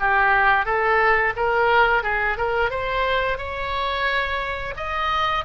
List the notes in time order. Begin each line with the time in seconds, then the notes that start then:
0.00 G4
0.65 A4
1.36 A#4
2.03 G#4
2.37 A#4
2.70 C5
3.38 C#5
4.76 D#5